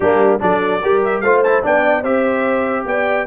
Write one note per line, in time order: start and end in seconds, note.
0.00 0.38 G3
0.00 0.39 A#3
0.00 0.40 D4
0.00 0.41 G4
0.39 0.83 F#3
0.39 0.80 D4
0.39 0.81 A4
0.39 1.03 D5
0.82 1.22 G3
0.82 1.24 G4
0.82 1.23 A#4
1.04 1.20 E5
1.20 1.62 A3
1.20 1.44 F4
1.20 1.64 C5
1.20 1.41 F5
1.43 1.62 E4
1.43 1.64 A5
1.62 2.03 B3
1.62 2.03 D4
1.62 2.01 D5
1.62 2.03 G5
2.01 2.84 C4
2.01 3.26 G4
2.01 2.83 C5
2.01 2.85 E5
2.85 3.26 B3
2.85 3.26 D5
2.85 3.26 G5